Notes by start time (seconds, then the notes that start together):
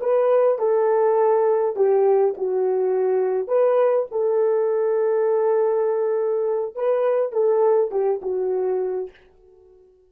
0.00 B4
0.58 A4
1.76 G4
2.37 F#4
3.47 B4
4.11 A4
6.75 B4
7.32 A4
7.91 G4
8.22 F#4